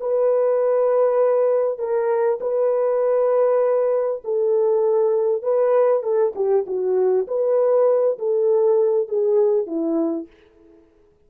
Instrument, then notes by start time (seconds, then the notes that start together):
horn
0.00 B4
1.78 A#4
2.40 B4
4.24 A4
5.42 B4
6.03 A4
6.35 G4
6.66 F#4
7.27 B4
8.18 A4
9.08 G#4
9.66 E4